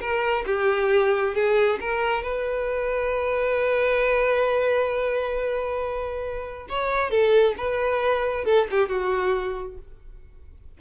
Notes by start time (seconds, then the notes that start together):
0.00 A#4
0.46 G4
1.34 G#4
1.80 A#4
2.23 B4
6.68 C#5
7.10 A4
7.57 B4
8.45 A4
8.71 G4
8.88 F#4